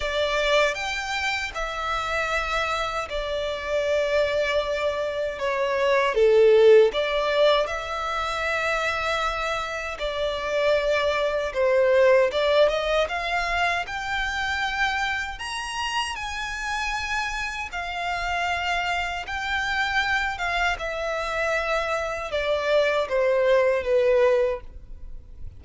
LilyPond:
\new Staff \with { instrumentName = "violin" } { \time 4/4 \tempo 4 = 78 d''4 g''4 e''2 | d''2. cis''4 | a'4 d''4 e''2~ | e''4 d''2 c''4 |
d''8 dis''8 f''4 g''2 | ais''4 gis''2 f''4~ | f''4 g''4. f''8 e''4~ | e''4 d''4 c''4 b'4 | }